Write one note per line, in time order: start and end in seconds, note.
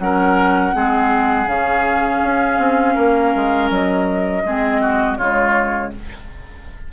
0.00 0.74 F#3
0.00 0.73 C#4
0.00 0.75 A#4
0.00 1.48 F#5
0.73 1.47 G#3
0.73 1.47 C4
0.73 2.95 G#4
1.47 2.21 C#3
1.47 4.44 C#4
1.47 3.71 F5
2.24 2.59 C#4
2.59 2.96 C4
2.95 3.35 A#3
2.95 4.43 A#4
3.36 3.70 G#3
3.70 4.44 F#3
3.70 5.18 D#5
4.45 5.19 G#3
4.45 5.19 C4
4.45 4.82 G#4
4.82 5.18 F#4
5.18 5.93 C#3
5.18 5.93 G#3
5.18 5.92 F4
5.18 5.92 C#5